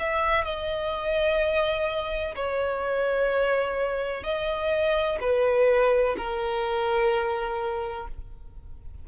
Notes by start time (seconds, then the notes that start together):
0.00 E5
0.45 D#5
2.36 C#5
4.24 D#5
5.21 B4
6.18 A#4